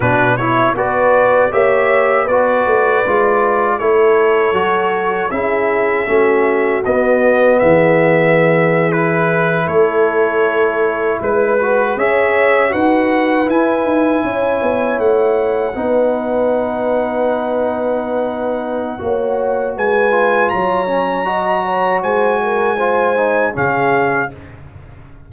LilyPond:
<<
  \new Staff \with { instrumentName = "trumpet" } { \time 4/4 \tempo 4 = 79 b'8 cis''8 d''4 e''4 d''4~ | d''4 cis''2 e''4~ | e''4 dis''4 e''4.~ e''16 b'16~ | b'8. cis''2 b'4 e''16~ |
e''8. fis''4 gis''2 fis''16~ | fis''1~ | fis''2 gis''4 ais''4~ | ais''4 gis''2 f''4 | }
  \new Staff \with { instrumentName = "horn" } { \time 4/4 fis'8 e'8 b'4 cis''4 b'4~ | b'4 a'2 gis'4 | fis'2 gis'2~ | gis'8. a'2 b'4 cis''16~ |
cis''8. b'2 cis''4~ cis''16~ | cis''8. b'2.~ b'16~ | b'4 cis''4 b'4 cis''4 | dis''8 cis''8 c''8 ais'8 c''4 gis'4 | }
  \new Staff \with { instrumentName = "trombone" } { \time 4/4 d'8 e'8 fis'4 g'4 fis'4 | f'4 e'4 fis'4 e'4 | cis'4 b2~ b8. e'16~ | e'2.~ e'16 fis'8 gis'16~ |
gis'8. fis'4 e'2~ e'16~ | e'8. dis'2.~ dis'16~ | dis'4 fis'4. f'4 cis'8 | fis'2 f'8 dis'8 cis'4 | }
  \new Staff \with { instrumentName = "tuba" } { \time 4/4 b,4 b4 ais4 b8 a8 | gis4 a4 fis4 cis'4 | a4 b4 e2~ | e8. a2 gis4 cis'16~ |
cis'8. dis'4 e'8 dis'8 cis'8 b8 a16~ | a8. b2.~ b16~ | b4 ais4 gis4 fis4~ | fis4 gis2 cis4 | }
>>